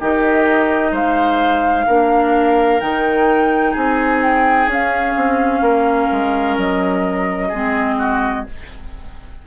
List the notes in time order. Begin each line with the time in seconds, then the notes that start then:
0.00 D#3 D#4 G4 D#5
0.92 G#3 C5 F5
1.87 A#3 D4 A#4
2.81 D#3 D#4 G5
3.72 C4 G#4 G#5
4.23 G5
4.67 C#4 F5
5.17 C4
5.61 A#3 A#4
6.12 G#3
6.58 F#3 D#5
7.48 G#3 C4 G#4
7.99 F#4